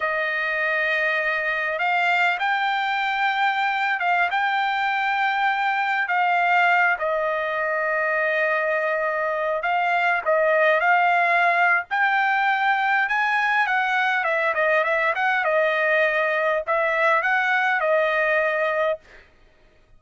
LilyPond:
\new Staff \with { instrumentName = "trumpet" } { \time 4/4 \tempo 4 = 101 dis''2. f''4 | g''2~ g''8. f''8 g''8.~ | g''2~ g''16 f''4. dis''16~ | dis''1~ |
dis''16 f''4 dis''4 f''4.~ f''16 | g''2 gis''4 fis''4 | e''8 dis''8 e''8 fis''8 dis''2 | e''4 fis''4 dis''2 | }